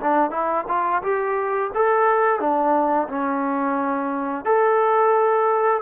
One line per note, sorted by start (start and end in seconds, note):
0.00 0.31 D4
0.31 0.65 E4
0.68 1.02 F4
1.03 1.71 G4
1.74 2.40 A4
2.40 3.08 D4
3.09 4.45 C#4
4.45 5.81 A4